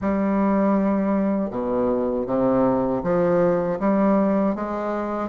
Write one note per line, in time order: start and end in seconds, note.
0.01 1.50 G3
1.50 2.26 B2
2.26 3.02 C3
3.03 3.79 F3
3.79 4.55 G3
4.55 5.29 G#3